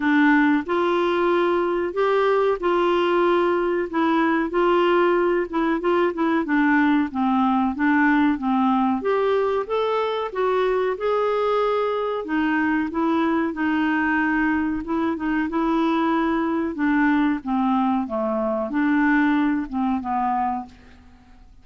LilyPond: \new Staff \with { instrumentName = "clarinet" } { \time 4/4 \tempo 4 = 93 d'4 f'2 g'4 | f'2 e'4 f'4~ | f'8 e'8 f'8 e'8 d'4 c'4 | d'4 c'4 g'4 a'4 |
fis'4 gis'2 dis'4 | e'4 dis'2 e'8 dis'8 | e'2 d'4 c'4 | a4 d'4. c'8 b4 | }